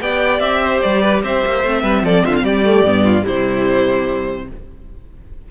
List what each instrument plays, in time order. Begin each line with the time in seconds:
0.00 cello B3, viola G4, violin D5 G5
0.40 cello C4, violin E5
0.63 violin C5
0.81 cello G3, violin D5
1.02 violin B4
1.23 cello C4, violin C5 E5
1.45 cello A#3
1.64 cello A3, viola C4
1.82 cello G3, violin B4
2.03 cello F3, violin A4 D5
2.24 cello D3, violin F4 E5
2.36 violin F5
2.43 cello G3, violin G4 D5
2.64 viola A3
2.83 cello G2, viola B3
3.04 violin F4
3.23 viola G3, violin E4 C5
3.29 cello C3